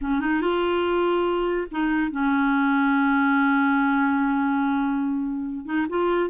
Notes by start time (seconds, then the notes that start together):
0.01 C#4
0.20 D#4
0.41 F4
1.71 D#4
2.11 C#4
5.65 D#4
5.89 F4